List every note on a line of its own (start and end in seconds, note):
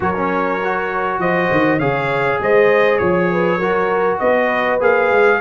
0.00 1.18 F#3
0.00 0.13 F#4
0.00 1.20 A#4
0.00 1.20 C#5
0.16 0.61 C#4
0.64 1.80 F#4
1.18 1.48 F3
1.18 1.78 C5
1.18 1.79 D#5
1.51 1.79 D#3
1.78 2.39 C#3
1.78 3.60 G#4
1.78 2.38 C#5
1.78 2.39 F5
2.40 3.00 G#3
2.40 3.00 C5
2.40 2.98 D#5
2.98 3.58 F3
2.98 4.18 C#5
2.98 3.29 C#5
3.31 3.58 B4
3.58 4.19 F#3
3.58 4.80 F#4
3.58 4.18 A#4
4.19 4.81 B3
4.19 5.40 B4
4.19 4.79 D#5
4.80 5.10 A#3
4.80 5.40 G#4
4.80 5.41 F5
5.10 5.40 G#3